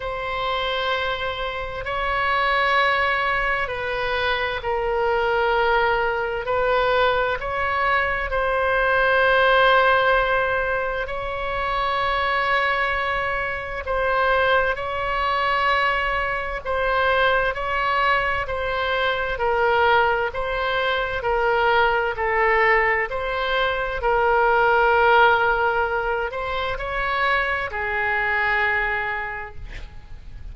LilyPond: \new Staff \with { instrumentName = "oboe" } { \time 4/4 \tempo 4 = 65 c''2 cis''2 | b'4 ais'2 b'4 | cis''4 c''2. | cis''2. c''4 |
cis''2 c''4 cis''4 | c''4 ais'4 c''4 ais'4 | a'4 c''4 ais'2~ | ais'8 c''8 cis''4 gis'2 | }